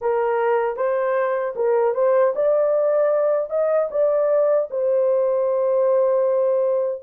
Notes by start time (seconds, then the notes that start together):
0.01 A#4
0.76 C5
1.55 A#4
1.94 C5
2.35 D5
3.50 D#5
3.90 D5
4.70 C5